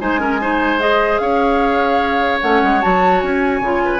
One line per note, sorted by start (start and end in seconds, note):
0.00 1.19 G#3
0.00 0.19 D#4
0.00 0.20 C5
0.00 0.80 G#5
0.19 0.39 C#4
0.19 0.40 A#4
0.41 0.79 D#4
0.41 1.21 C5
0.79 2.41 G#4
0.79 1.18 D#5
1.18 2.40 C#4
1.18 3.83 C#5
1.18 2.39 F5
2.41 2.62 A3
2.41 2.82 C#4
2.41 2.81 F#5
2.62 2.83 G#3
2.81 3.22 F#3
2.81 3.62 F#4
2.81 3.20 A5
3.20 3.60 C#4
3.20 3.99 G#5
3.60 3.99 C#3
3.60 3.99 F4
3.85 3.99 B4